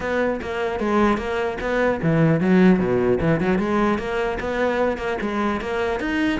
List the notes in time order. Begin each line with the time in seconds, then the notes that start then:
0.00 B3
0.41 A#3
0.79 G#3
1.17 A#3
1.61 B3
2.02 E3
2.40 F#3
2.79 B2
3.20 E3
3.40 F#3
3.58 G#3
3.98 A#3
4.40 B3
4.97 A#3
5.21 G#3
5.60 A#3
6.00 D#4